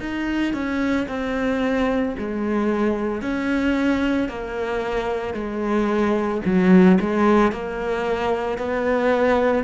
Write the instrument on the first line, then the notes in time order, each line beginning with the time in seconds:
cello
0.00 D#4
0.53 C#4
1.08 C4
2.18 G#3
3.21 C#4
4.29 A#3
5.34 G#3
6.45 F#3
7.00 G#3
7.51 A#3
8.58 B3